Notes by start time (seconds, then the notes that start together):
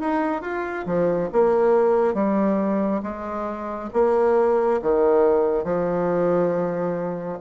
0.00 D#4
0.42 F4
0.86 F3
1.32 A#3
2.14 G3
3.02 G#3
3.93 A#3
4.82 D#3
5.64 F3